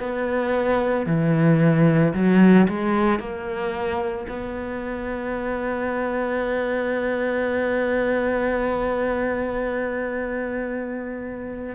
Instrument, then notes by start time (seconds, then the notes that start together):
cello
0.00 B3
1.07 E3
2.14 F#3
2.69 G#3
3.19 A#3
4.29 B3